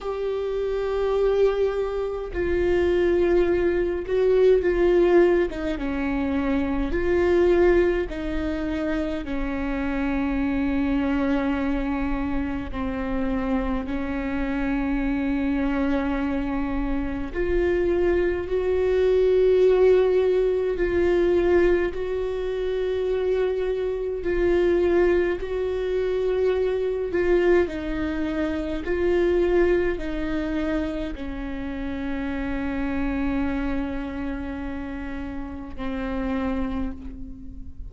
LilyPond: \new Staff \with { instrumentName = "viola" } { \time 4/4 \tempo 4 = 52 g'2 f'4. fis'8 | f'8. dis'16 cis'4 f'4 dis'4 | cis'2. c'4 | cis'2. f'4 |
fis'2 f'4 fis'4~ | fis'4 f'4 fis'4. f'8 | dis'4 f'4 dis'4 cis'4~ | cis'2. c'4 | }